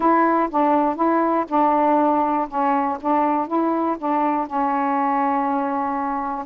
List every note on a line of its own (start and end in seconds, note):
0.00 0.49 E4
0.50 0.95 D4
0.95 1.45 E4
1.48 2.47 D4
2.48 2.98 C#4
3.00 3.47 D4
3.47 3.96 E4
3.98 4.47 D4
4.47 6.45 C#4